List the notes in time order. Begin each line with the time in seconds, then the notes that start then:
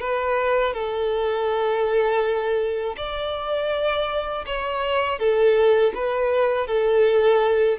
0.00 B4
0.73 A4
2.97 D5
4.46 C#5
5.19 A4
5.94 B4
6.67 A4